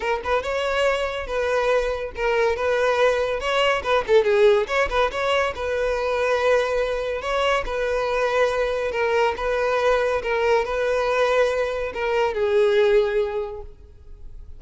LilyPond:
\new Staff \with { instrumentName = "violin" } { \time 4/4 \tempo 4 = 141 ais'8 b'8 cis''2 b'4~ | b'4 ais'4 b'2 | cis''4 b'8 a'8 gis'4 cis''8 b'8 | cis''4 b'2.~ |
b'4 cis''4 b'2~ | b'4 ais'4 b'2 | ais'4 b'2. | ais'4 gis'2. | }